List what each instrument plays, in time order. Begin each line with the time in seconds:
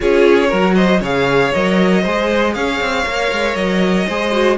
0.00 cello C#4, viola F4, violin G#4 C#5
0.48 cello F#3, viola F#4, violin A#4
0.75 violin C5 D#5
1.00 cello C#3, viola G#4, violin C#5 F5
1.53 cello F#3, viola A#4, violin D#5
2.02 cello G#3, viola G#4, violin C5
2.54 cello C#4, violin C#5 F5
2.80 cello C4
3.06 cello A#3, viola A#4
3.31 cello G#3
3.55 cello F#3, violin D#5
4.07 cello G#3, viola G#4, violin C5
4.32 viola F#4